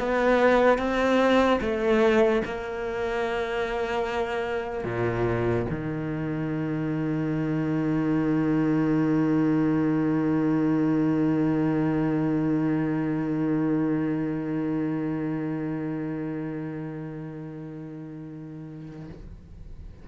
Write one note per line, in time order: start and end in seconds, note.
0.00 0.79 B3
0.79 1.60 C4
1.61 2.43 A3
2.45 4.85 A#3
4.85 5.66 A#2
5.71 19.09 D#3